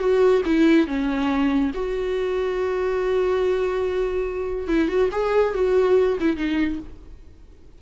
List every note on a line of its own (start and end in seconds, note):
0.00 0.42 F#4
0.46 0.87 E4
0.87 1.72 C#4
1.75 4.68 F#4
4.68 4.89 E4
4.89 5.10 F#4
5.12 5.54 G#4
5.55 6.18 F#4
6.21 6.37 E4
6.37 6.79 D#4